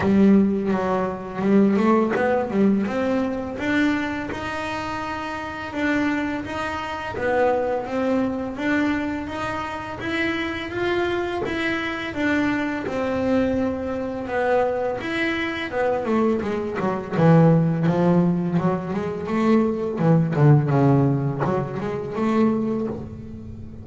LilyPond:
\new Staff \with { instrumentName = "double bass" } { \time 4/4 \tempo 4 = 84 g4 fis4 g8 a8 b8 g8 | c'4 d'4 dis'2 | d'4 dis'4 b4 c'4 | d'4 dis'4 e'4 f'4 |
e'4 d'4 c'2 | b4 e'4 b8 a8 gis8 fis8 | e4 f4 fis8 gis8 a4 | e8 d8 cis4 fis8 gis8 a4 | }